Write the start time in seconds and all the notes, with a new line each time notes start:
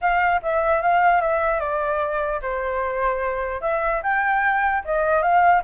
0.01 F5
0.42 E5
0.82 F5
1.21 E5
1.60 D5
2.42 C5
3.61 E5
4.03 G5
4.84 D#5
5.22 F5